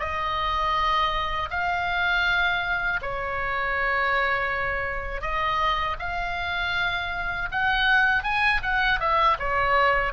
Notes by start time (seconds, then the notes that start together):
0.00 D#5
1.51 F5
3.02 C#5
5.22 D#5
5.99 F5
7.52 F#5
8.24 G#5
8.63 F#5
9.00 E5
9.39 C#5